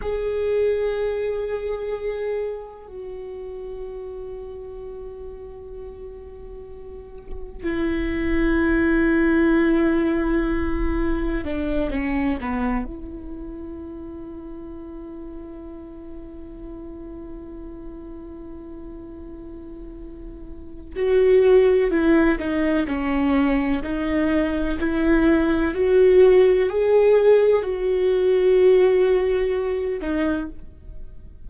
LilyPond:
\new Staff \with { instrumentName = "viola" } { \time 4/4 \tempo 4 = 63 gis'2. fis'4~ | fis'1 | e'1 | d'8 cis'8 b8 e'2~ e'8~ |
e'1~ | e'2 fis'4 e'8 dis'8 | cis'4 dis'4 e'4 fis'4 | gis'4 fis'2~ fis'8 dis'8 | }